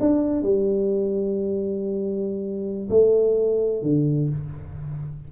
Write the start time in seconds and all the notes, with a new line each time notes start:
0.00 D4
0.42 G3
2.90 A3
3.82 D3